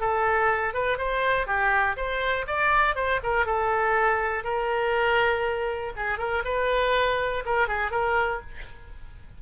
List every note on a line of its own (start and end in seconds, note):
0.00 0.74 A4
0.74 0.98 B4
0.98 1.46 C5
1.46 1.96 G4
1.96 2.46 C5
2.47 2.95 D5
2.95 3.20 C5
3.23 3.45 A#4
3.45 4.43 A4
4.43 5.92 A#4
5.96 6.18 G#4
6.18 6.43 A#4
6.44 7.43 B4
7.45 7.68 A#4
7.68 7.91 G#4
7.91 8.40 A#4